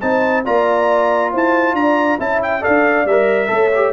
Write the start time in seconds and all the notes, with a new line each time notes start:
0.00 C4 D#4 C5 A5
0.45 A#3 F4 D5 A#5
1.32 E4 C5 A5
1.73 D4 D5 A#5
2.19 C#4 E4 E5 A5
2.42 G5
2.61 A4 D5 F5
2.67 D4
3.05 G3 A#4 E5
3.47 A3 A4 C#5
3.75 G4